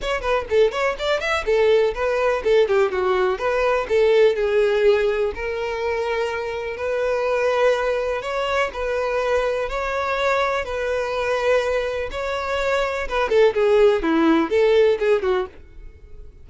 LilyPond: \new Staff \with { instrumentName = "violin" } { \time 4/4 \tempo 4 = 124 cis''8 b'8 a'8 cis''8 d''8 e''8 a'4 | b'4 a'8 g'8 fis'4 b'4 | a'4 gis'2 ais'4~ | ais'2 b'2~ |
b'4 cis''4 b'2 | cis''2 b'2~ | b'4 cis''2 b'8 a'8 | gis'4 e'4 a'4 gis'8 fis'8 | }